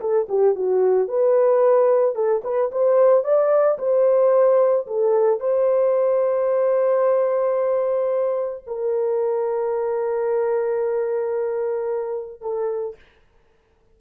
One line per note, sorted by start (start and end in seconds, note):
0.00 0.27 A4
0.29 0.55 G4
0.55 1.07 F#4
1.07 2.15 B4
2.15 2.42 A4
2.44 2.71 B4
2.71 3.24 C5
3.24 3.78 D5
3.78 4.86 C5
4.86 5.40 A4
5.40 8.64 C5
8.66 12.41 A#4
12.41 12.95 A4